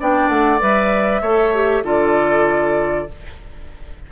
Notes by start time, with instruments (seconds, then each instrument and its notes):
0.00 bassoon B3, clarinet D4, oboe D5, flute G5
0.29 bassoon A3, flute F#5
0.60 bassoon G3, clarinet B4, flute E5
1.22 bassoon A3, clarinet A4, oboe C#5
1.55 clarinet G4
1.84 bassoon D3, clarinet F4, oboe A4, flute D5